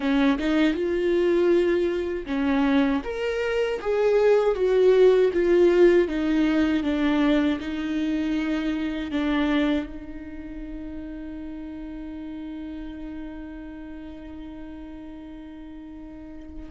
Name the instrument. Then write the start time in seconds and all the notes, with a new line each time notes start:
viola
0.00 C#4
0.38 D#4
0.73 F4
2.26 C#4
3.04 A#4
3.80 G#4
4.55 F#4
5.33 F4
6.08 D#4
6.83 D4
7.59 D#4
9.11 D4
9.86 D#4